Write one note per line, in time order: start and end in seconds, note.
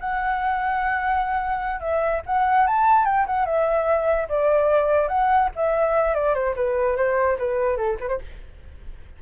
0.00 1.80 F#5
1.80 2.22 E5
2.26 2.67 F#5
2.67 3.05 A5
3.05 3.26 G5
3.26 3.46 F#5
3.46 4.28 E5
4.29 5.08 D5
5.08 5.49 F#5
5.56 6.14 E5
6.14 6.34 D5
6.34 6.55 C5
6.56 6.96 B4
6.96 7.37 C5
7.38 7.77 B4
7.77 7.97 A4
8.00 8.08 B4
8.08 8.19 C5